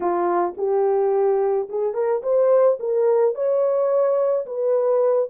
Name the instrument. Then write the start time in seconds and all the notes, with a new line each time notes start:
horn
0.00 F4
0.57 G4
1.69 G#4
1.94 A#4
2.22 C5
2.79 A#4
3.34 C#5
4.45 B4